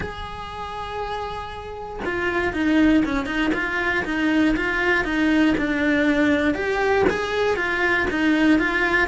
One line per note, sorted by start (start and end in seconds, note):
0.00 2.00 G#4
2.05 2.53 F4
2.53 3.03 D#4
3.05 3.25 C#4
3.25 3.51 D#4
3.53 4.04 F4
4.04 4.55 D#4
4.56 5.04 F4
5.04 5.54 D#4
5.57 6.54 D4
6.54 7.05 G4
7.09 7.56 G#4
7.56 8.06 F4
8.10 8.59 D#4
8.59 9.07 F4